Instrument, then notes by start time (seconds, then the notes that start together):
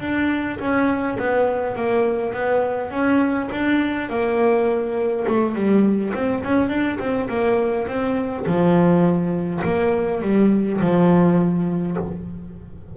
double bass
0.00 D4
0.59 C#4
1.19 B3
1.76 A#3
2.33 B3
2.90 C#4
3.51 D4
4.09 A#3
5.27 A3
5.55 G3
6.14 C4
6.43 C#4
6.69 D4
6.99 C4
7.29 A#3
7.87 C4
8.46 F3
9.64 A#3
10.22 G3
10.80 F3